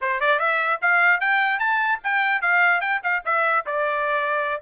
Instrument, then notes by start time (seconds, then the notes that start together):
trumpet
0.01 C5
0.20 D5
0.39 E5
0.81 F5
1.20 G5
1.59 A5
2.03 G5
2.41 F5
2.80 G5
3.03 F5
3.25 E5
3.66 D5